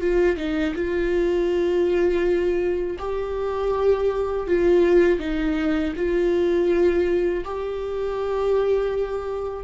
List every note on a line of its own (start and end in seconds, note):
0.00 0.36 F4
0.36 0.73 D#4
0.75 2.97 F4
2.99 4.47 G4
4.47 5.19 F4
5.19 5.93 D#4
5.96 7.44 F4
7.44 9.64 G4